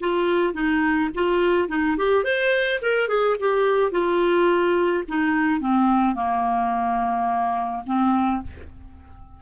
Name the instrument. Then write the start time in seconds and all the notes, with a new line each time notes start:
clarinet
0.00 F4
0.54 D#4
1.14 F4
1.69 D#4
1.97 G4
2.24 C5
2.81 A#4
3.08 G#4
3.40 G4
3.92 F4
5.08 D#4
5.60 C4
6.15 A#3
7.86 C4